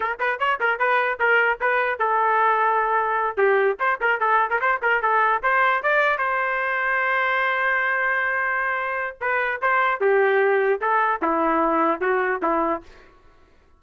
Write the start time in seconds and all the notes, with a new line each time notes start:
0.00 A#4
0.19 B4
0.39 C#5
0.60 A#4
0.79 B4
1.19 A#4
1.60 B4
1.99 A4
3.37 G4
3.79 C5
4.01 A#4
4.20 A4
4.49 A#4
4.61 C5
4.82 A#4
5.01 A4
5.42 C5
5.82 D5
6.18 C5
9.21 B4
9.61 C5
10.00 G4
10.81 A4
11.22 E4
12.01 F#4
12.42 E4